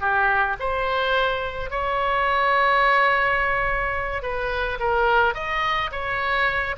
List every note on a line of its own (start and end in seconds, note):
0.00 0.56 G4
0.59 1.70 C5
1.70 4.22 C#5
4.22 4.78 B4
4.79 5.34 A#4
5.34 5.90 D#5
5.91 6.75 C#5